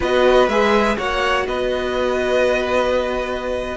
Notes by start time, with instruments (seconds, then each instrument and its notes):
0.00 cello B3, viola F#4, violin B4 D#5
0.48 cello G#3, viola G#4, violin E5
0.97 cello A#3, viola F#4, violin C#5 F#5
1.46 cello B3, violin B4 D#5